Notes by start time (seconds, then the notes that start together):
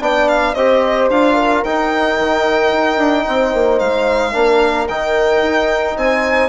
0.00 B3 D4 D5 G5
0.28 F5
0.54 C4 G4 C5 D#5
1.09 D4 F4 F5
1.34 A#4
1.63 D#4 G5
2.18 D#3
2.71 D#4
2.97 D4
3.27 C4 C5
3.53 A#3
3.79 G#3 F5
4.32 A#3 D4 A#4
4.88 D#3 D#4 G5
5.42 D#4
5.96 C4 C5 G#5